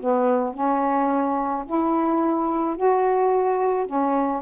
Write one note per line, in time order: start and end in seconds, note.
0.00 0.54 B3
0.54 1.65 C#4
1.66 2.76 E4
2.76 3.87 F#4
3.87 4.42 C#4